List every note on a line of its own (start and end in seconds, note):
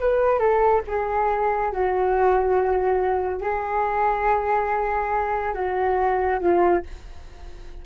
0.00 0.39 B4
0.39 0.82 A4
0.88 1.73 G#4
1.73 3.41 F#4
3.41 5.54 G#4
5.54 6.40 F#4
6.40 6.83 F4